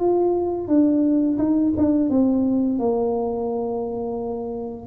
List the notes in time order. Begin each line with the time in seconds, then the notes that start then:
0.00 F4
0.68 D4
1.39 D#4
1.77 D4
2.10 C4
2.80 A#3